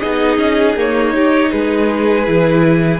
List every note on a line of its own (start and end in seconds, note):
0.00 0.37 B3
0.00 0.77 D#4
0.00 1.13 G#4
0.00 0.75 D#5
0.37 0.75 C#4
0.76 1.12 A#3
0.76 1.51 D#4
0.76 1.52 C#5
1.12 2.25 D#4
1.12 1.51 G4
1.51 2.27 G#3
1.51 3.00 G#4
1.51 3.00 B4
2.26 3.00 E3
2.26 3.00 E4